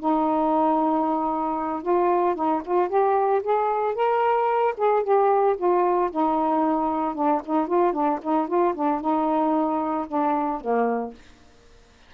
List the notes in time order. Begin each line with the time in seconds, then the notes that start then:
0.00 D#4
1.83 F4
2.36 D#4
2.65 F4
2.89 G4
3.44 G#4
3.95 A#4
4.78 G#4
5.03 G4
5.58 F4
6.12 D#4
7.15 D4
7.46 D#4
7.67 F4
7.93 D4
8.23 D#4
8.48 F4
8.75 D4
9.01 D#4
10.08 D4
10.61 A#3